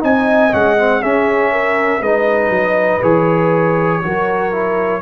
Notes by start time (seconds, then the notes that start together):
0.00 C4 D#4 D#5 G#5
0.52 G#3 C#4 F#5
0.78 C4
1.01 C#4 G#4 E5
1.52 A#4
2.01 G#3 D#4 B4 D#5
2.49 F#3
3.02 E3 G#4 C#5
4.03 F#3 F#4 A#4
4.52 E4